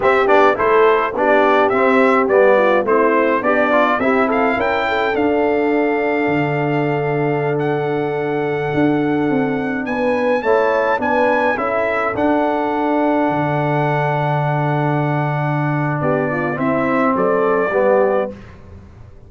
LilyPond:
<<
  \new Staff \with { instrumentName = "trumpet" } { \time 4/4 \tempo 4 = 105 e''8 d''8 c''4 d''4 e''4 | d''4 c''4 d''4 e''8 f''8 | g''4 f''2.~ | f''4~ f''16 fis''2~ fis''8.~ |
fis''4~ fis''16 gis''4 a''4 gis''8.~ | gis''16 e''4 fis''2~ fis''8.~ | fis''1 | d''4 e''4 d''2 | }
  \new Staff \with { instrumentName = "horn" } { \time 4/4 g'4 a'4 g'2~ | g'8 f'8 e'4 d'4 g'8 a'8 | ais'8 a'2.~ a'8~ | a'1~ |
a'4~ a'16 b'4 cis''4 b'8.~ | b'16 a'2.~ a'8.~ | a'1 | g'8 f'8 e'4 a'4 g'4 | }
  \new Staff \with { instrumentName = "trombone" } { \time 4/4 c'8 d'8 e'4 d'4 c'4 | b4 c'4 g'8 f'8 e'4~ | e'4 d'2.~ | d'1~ |
d'2~ d'16 e'4 d'8.~ | d'16 e'4 d'2~ d'8.~ | d'1~ | d'4 c'2 b4 | }
  \new Staff \with { instrumentName = "tuba" } { \time 4/4 c'8 b8 a4 b4 c'4 | g4 a4 b4 c'4 | cis'4 d'2 d4~ | d2.~ d16 d'8.~ |
d'16 c'4 b4 a4 b8.~ | b16 cis'4 d'2 d8.~ | d1 | b4 c'4 fis4 g4 | }
>>